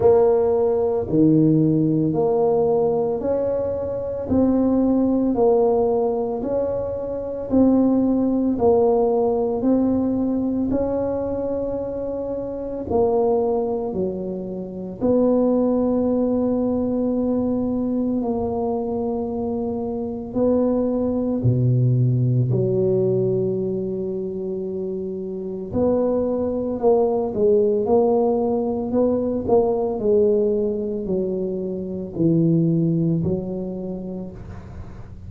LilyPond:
\new Staff \with { instrumentName = "tuba" } { \time 4/4 \tempo 4 = 56 ais4 dis4 ais4 cis'4 | c'4 ais4 cis'4 c'4 | ais4 c'4 cis'2 | ais4 fis4 b2~ |
b4 ais2 b4 | b,4 fis2. | b4 ais8 gis8 ais4 b8 ais8 | gis4 fis4 e4 fis4 | }